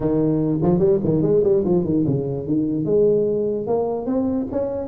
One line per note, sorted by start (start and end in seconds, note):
0.00 0.60 D#3
0.62 0.79 F3
0.79 0.99 G3
1.04 1.22 D#3
1.22 1.42 G#3
1.43 1.63 G3
1.64 1.84 F3
1.84 2.05 D#3
2.06 2.46 C#3
2.46 2.85 D#3
2.85 3.66 G#3
3.66 4.06 A#3
4.06 4.47 C4
4.51 4.88 C#4